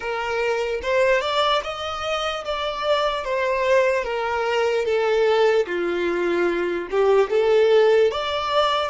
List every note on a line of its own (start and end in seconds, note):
0.00 0.80 A#4
0.82 1.21 C5
1.21 1.61 D5
1.63 2.44 D#5
2.45 3.24 D5
3.24 4.04 C5
4.04 4.85 A#4
4.85 5.66 A4
5.66 6.88 F4
6.90 7.30 G4
7.30 8.11 A4
8.11 8.89 D5